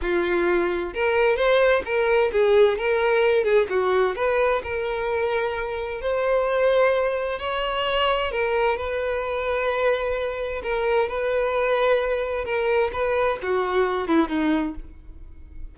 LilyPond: \new Staff \with { instrumentName = "violin" } { \time 4/4 \tempo 4 = 130 f'2 ais'4 c''4 | ais'4 gis'4 ais'4. gis'8 | fis'4 b'4 ais'2~ | ais'4 c''2. |
cis''2 ais'4 b'4~ | b'2. ais'4 | b'2. ais'4 | b'4 fis'4. e'8 dis'4 | }